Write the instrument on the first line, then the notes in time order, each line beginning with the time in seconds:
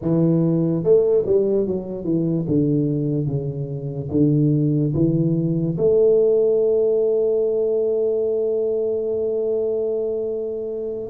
tuba
0.01 E3
0.83 A3
1.26 G3
1.66 F#3
2.04 E3
2.48 D3
3.27 C#3
4.11 D3
4.94 E3
5.77 A3